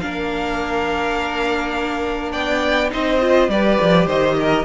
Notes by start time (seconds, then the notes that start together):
0.00 A#3 D4 A#4 F5
2.32 B3 D5 G5
2.89 C4 D#4 C5 D#5
3.21 F4
3.48 G3 G4 B4 D5
3.81 F3
4.06 D#3 C5 D#5
4.40 A#4